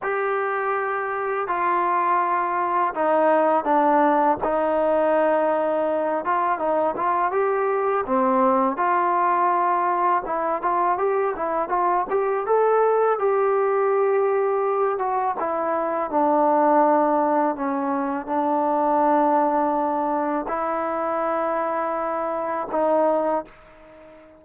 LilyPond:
\new Staff \with { instrumentName = "trombone" } { \time 4/4 \tempo 4 = 82 g'2 f'2 | dis'4 d'4 dis'2~ | dis'8 f'8 dis'8 f'8 g'4 c'4 | f'2 e'8 f'8 g'8 e'8 |
f'8 g'8 a'4 g'2~ | g'8 fis'8 e'4 d'2 | cis'4 d'2. | e'2. dis'4 | }